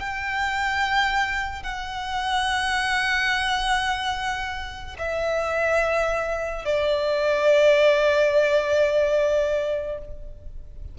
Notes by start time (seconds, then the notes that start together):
0.00 G5
1.64 F#5
4.98 E5
6.65 D5